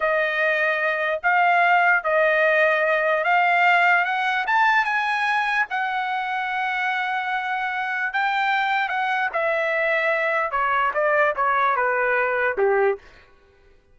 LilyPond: \new Staff \with { instrumentName = "trumpet" } { \time 4/4 \tempo 4 = 148 dis''2. f''4~ | f''4 dis''2. | f''2 fis''4 a''4 | gis''2 fis''2~ |
fis''1 | g''2 fis''4 e''4~ | e''2 cis''4 d''4 | cis''4 b'2 g'4 | }